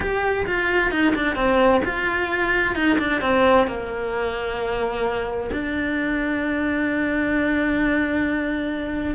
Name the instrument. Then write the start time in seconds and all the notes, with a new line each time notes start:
cello
0.00 G4
0.46 F4
0.91 D#4
1.15 D4
1.35 C4
1.84 F4
2.75 D#4
2.99 D4
3.21 C4
3.67 A#3
5.52 D4